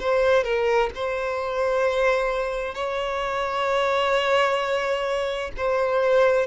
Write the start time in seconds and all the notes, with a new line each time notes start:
0.00 C5
0.44 A#4
0.95 C5
2.75 C#5
5.57 C5